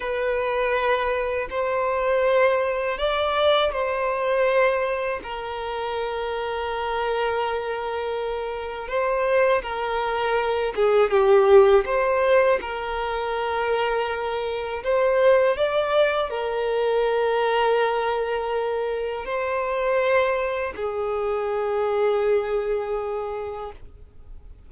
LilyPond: \new Staff \with { instrumentName = "violin" } { \time 4/4 \tempo 4 = 81 b'2 c''2 | d''4 c''2 ais'4~ | ais'1 | c''4 ais'4. gis'8 g'4 |
c''4 ais'2. | c''4 d''4 ais'2~ | ais'2 c''2 | gis'1 | }